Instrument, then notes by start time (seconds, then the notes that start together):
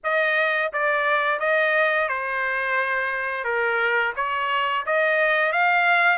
trumpet
0.03 D#5
0.72 D5
1.39 D#5
2.08 C5
3.44 A#4
4.15 C#5
4.86 D#5
5.52 F5